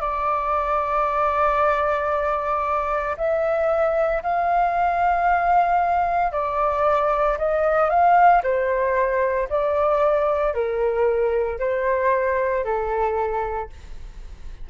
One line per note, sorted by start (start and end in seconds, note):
0.00 3.16 D5
3.17 4.22 E5
4.22 6.32 F5
6.32 7.37 D5
7.38 7.89 D#5
7.89 8.42 F5
8.43 9.48 C5
9.49 10.54 D5
10.54 11.59 A#4
11.59 12.64 C5
12.64 13.69 A4